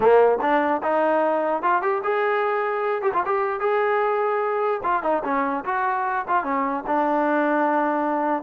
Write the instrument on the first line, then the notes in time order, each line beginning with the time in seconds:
trombone
0.00 A#3
0.41 D4
0.82 D#4
1.62 F4
1.81 G4
2.03 G#4
3.01 G4
3.13 F4
3.25 G4
3.59 G#4
4.83 F4
5.02 D#4
5.24 C#4
5.65 F#4
6.28 F4
6.43 C#4
6.86 D4